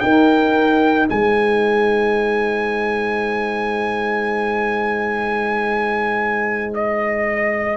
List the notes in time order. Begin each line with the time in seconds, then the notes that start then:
0.00 D#4 A#4 G5
1.08 G#3 C5 G#5
6.74 D#5